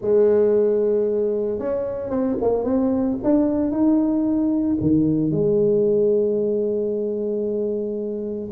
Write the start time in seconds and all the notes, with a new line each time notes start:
0.01 G#3
1.59 C#4
2.09 C4
2.41 A#3
2.64 C4
3.23 D4
3.71 D#4
4.81 D#3
5.31 G#3